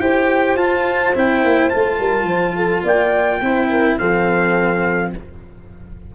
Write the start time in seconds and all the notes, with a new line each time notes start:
0.00 E4 G4 C5 G5
0.55 F4 A5
1.15 C4 E4 G5
1.44 A#3
1.70 A3 F4 A5
1.99 G3 A#4
2.24 F3 C5
2.56 A4
2.84 A#3 D5 G5
3.41 C4 E4 C5
3.70 A#4
3.98 F3 C4 A4 F5